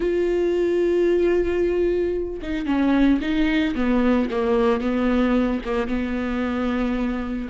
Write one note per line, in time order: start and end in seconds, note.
0.00 2.40 F4
2.42 2.66 D#4
2.66 3.19 C#4
3.21 3.75 D#4
3.75 4.29 B3
4.30 4.80 A#3
4.80 5.61 B3
5.65 5.87 A#3
5.87 7.48 B3